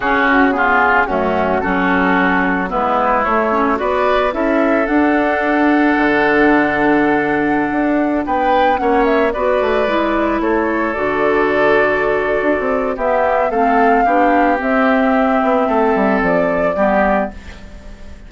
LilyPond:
<<
  \new Staff \with { instrumentName = "flute" } { \time 4/4 \tempo 4 = 111 gis'8 fis'8 gis'4 fis'4 a'4~ | a'4 b'4 cis''4 d''4 | e''4 fis''2.~ | fis''2.~ fis''16 g''8.~ |
g''16 fis''8 e''8 d''2 cis''8.~ | cis''16 d''2.~ d''8. | e''4 f''2 e''4~ | e''2 d''2 | }
  \new Staff \with { instrumentName = "oboe" } { \time 4/4 fis'4 f'4 cis'4 fis'4~ | fis'4 e'2 b'4 | a'1~ | a'2.~ a'16 b'8.~ |
b'16 cis''4 b'2 a'8.~ | a'1 | g'4 a'4 g'2~ | g'4 a'2 g'4 | }
  \new Staff \with { instrumentName = "clarinet" } { \time 4/4 cis'4 b4 a4 cis'4~ | cis'4 b4 a8 cis'8 fis'4 | e'4 d'2.~ | d'1~ |
d'16 cis'4 fis'4 e'4.~ e'16~ | e'16 fis'2.~ fis'8. | b4 c'4 d'4 c'4~ | c'2. b4 | }
  \new Staff \with { instrumentName = "bassoon" } { \time 4/4 cis2 fis,4 fis4~ | fis4 gis4 a4 b4 | cis'4 d'2 d4~ | d2~ d16 d'4 b8.~ |
b16 ais4 b8 a8 gis4 a8.~ | a16 d2~ d8. d'16 c'8. | b4 a4 b4 c'4~ | c'8 b8 a8 g8 f4 g4 | }
>>